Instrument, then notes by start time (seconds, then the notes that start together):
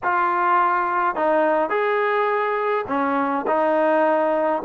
trombone
0.03 F4
1.15 D#4
1.69 G#4
2.87 C#4
3.47 D#4